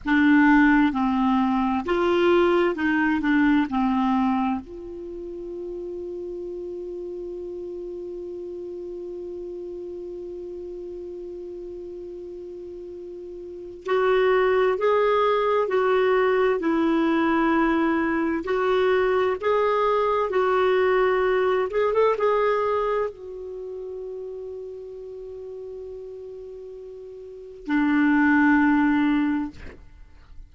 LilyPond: \new Staff \with { instrumentName = "clarinet" } { \time 4/4 \tempo 4 = 65 d'4 c'4 f'4 dis'8 d'8 | c'4 f'2.~ | f'1~ | f'2. fis'4 |
gis'4 fis'4 e'2 | fis'4 gis'4 fis'4. gis'16 a'16 | gis'4 fis'2.~ | fis'2 d'2 | }